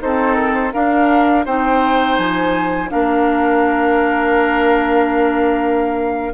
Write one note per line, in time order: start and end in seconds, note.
0.00 0.73 C4
0.00 0.72 D#4
0.00 0.73 A4
0.00 0.34 C5
0.34 0.53 A#4
0.54 0.72 C5
0.72 1.46 D4
0.72 1.45 A#4
0.72 1.45 F5
1.45 2.18 C4
1.45 2.88 D#4
1.45 2.90 C5
1.45 2.17 G5
2.17 2.90 F3
2.17 2.90 G#5
2.88 6.33 A#3
2.88 6.31 D4
2.88 6.33 A#4
2.88 6.33 F5